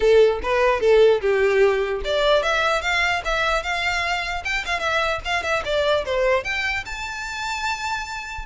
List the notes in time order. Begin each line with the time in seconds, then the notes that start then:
0.00 A4
0.42 B4
0.80 A4
1.21 G4
2.04 D5
2.42 E5
2.81 F5
3.24 E5
3.63 F5
4.44 G5
4.65 F5
4.79 E5
5.24 F5
5.42 E5
5.64 D5
6.05 C5
6.44 G5
6.85 A5